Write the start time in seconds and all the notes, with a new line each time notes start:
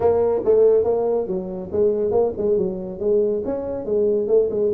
0.00 A#3
0.44 A3
0.84 A#3
1.27 F#3
1.72 G#3
2.11 A#3
2.37 G#3
2.57 F#3
2.99 G#3
3.45 C#4
3.85 G#3
4.27 A3
4.50 G#3